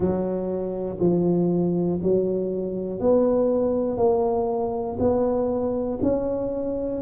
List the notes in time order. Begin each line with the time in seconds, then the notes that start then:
0.00 F#3
1.00 F3
2.02 F#3
3.00 B3
3.97 A#3
4.99 B3
6.02 C#4